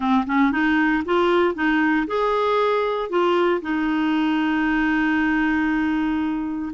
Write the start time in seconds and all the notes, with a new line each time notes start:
0.00 C4
0.26 C#4
0.51 D#4
1.05 F4
1.54 D#4
2.07 G#4
3.09 F4
3.61 D#4